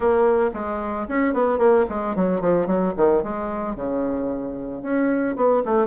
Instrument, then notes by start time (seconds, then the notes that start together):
bassoon
0.00 A#3
0.53 G#3
1.08 C#4
1.33 B3
1.58 A#3
1.89 G#3
2.15 F#3
2.40 F3
2.66 F#3
2.96 D#3
3.23 G#3
3.75 C#3
4.82 C#4
5.36 B3
5.65 A3